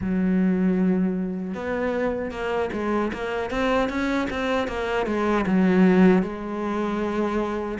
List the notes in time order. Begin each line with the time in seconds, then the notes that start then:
0.01 F#3
1.54 B3
2.31 A#3
2.73 G#3
3.13 A#3
3.50 C4
3.89 C#4
4.30 C4
4.67 A#3
5.06 G#3
5.46 F#3
6.22 G#3